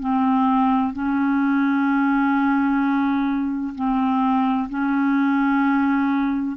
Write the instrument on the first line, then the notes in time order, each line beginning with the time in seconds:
clarinet
0.00 C4
0.93 C#4
3.75 C4
4.70 C#4